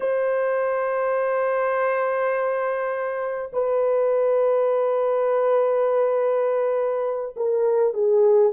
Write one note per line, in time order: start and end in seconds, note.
0.00 3.50 C5
3.52 7.35 B4
7.36 7.93 A#4
7.93 8.52 G#4